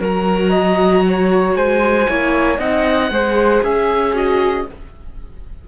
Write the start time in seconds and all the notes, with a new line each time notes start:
0.00 F#3 F#4 A#4 A#5
0.50 D#5
1.08 C#5
1.55 G#3 C5 G#5
2.08 A#3 E4 C#5
2.58 C4 D#4 D#5 F#5
3.10 G#3 G#4 C5
3.62 C#4 G#4 E5
4.13 F#4 D#5